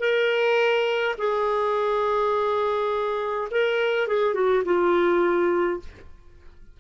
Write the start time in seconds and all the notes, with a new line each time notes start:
0.00 A#4
1.18 G#4
3.51 A#4
4.08 G#4
4.35 F#4
4.65 F4